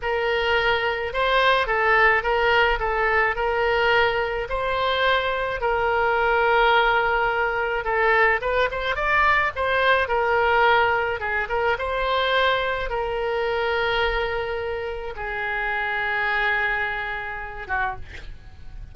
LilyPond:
\new Staff \with { instrumentName = "oboe" } { \time 4/4 \tempo 4 = 107 ais'2 c''4 a'4 | ais'4 a'4 ais'2 | c''2 ais'2~ | ais'2 a'4 b'8 c''8 |
d''4 c''4 ais'2 | gis'8 ais'8 c''2 ais'4~ | ais'2. gis'4~ | gis'2.~ gis'8 fis'8 | }